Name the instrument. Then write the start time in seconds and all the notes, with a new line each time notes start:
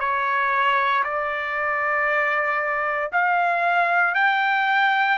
trumpet
0.00 C#5
1.04 D5
3.12 F5
4.15 G5